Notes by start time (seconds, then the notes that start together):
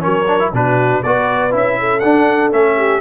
0.00 F#3 C#4 A#4 C#5
0.28 D4
0.40 E4
0.53 B2 D4 F#4 B4
1.03 B3 F#4 B4 D5
1.51 C#4 E4 E5
1.79 A4
2.00 D4 F#5
2.52 A3 C#4 E5
2.77 G4